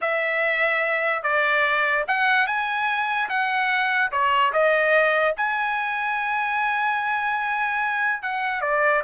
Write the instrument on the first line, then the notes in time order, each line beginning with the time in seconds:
trumpet
0.01 E5
1.22 D5
2.07 F#5
2.46 G#5
3.29 F#5
4.11 C#5
4.52 D#5
5.36 G#5
8.22 F#5
8.61 D5